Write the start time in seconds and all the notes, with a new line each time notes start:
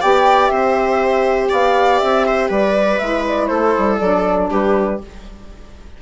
0.00 B3 G4 D5 G5
0.46 C4 C5 E5
1.49 B3 D5 F5
1.98 C4 E5
2.26 C5
2.48 G3 B4 D5
2.98 G#3 E4 E5
3.27 D5
3.46 A3 A4 C5
3.77 G3
3.98 F#3 D4 D5
4.50 G3 G4 B4